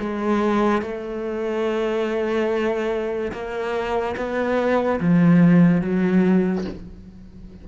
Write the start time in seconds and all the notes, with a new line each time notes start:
0.00 G#3
0.82 A3
3.33 A#3
4.17 B3
5.00 F3
5.81 F#3